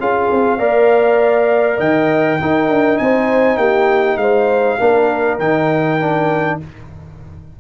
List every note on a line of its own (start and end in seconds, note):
0.00 0.30 C#4
0.00 0.59 F4
0.00 0.58 G#4
0.00 1.80 F5
0.31 0.59 C4
0.58 1.79 A#3
0.58 2.39 A#4
0.58 1.77 D5
1.77 2.39 D#3
1.77 2.37 D#5
1.77 2.98 G5
2.41 2.69 D#4
2.41 4.80 D#4
2.41 3.02 A#4
2.69 2.99 D4
2.98 3.57 C4
2.98 3.59 C5
2.98 3.58 G#5
3.57 4.17 A#3
3.57 4.19 G4
3.57 4.18 G5
4.17 4.77 G#3
4.17 4.79 C5
4.17 5.38 F5
4.79 5.39 A#3
4.79 5.40 D4
4.79 6.59 A#4
5.39 6.59 D#3
5.39 6.00 D#4
5.39 6.59 G5
6.00 6.60 D4